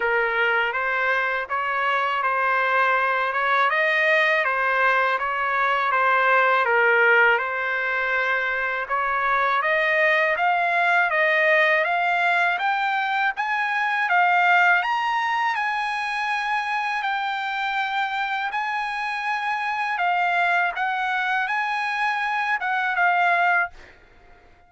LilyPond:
\new Staff \with { instrumentName = "trumpet" } { \time 4/4 \tempo 4 = 81 ais'4 c''4 cis''4 c''4~ | c''8 cis''8 dis''4 c''4 cis''4 | c''4 ais'4 c''2 | cis''4 dis''4 f''4 dis''4 |
f''4 g''4 gis''4 f''4 | ais''4 gis''2 g''4~ | g''4 gis''2 f''4 | fis''4 gis''4. fis''8 f''4 | }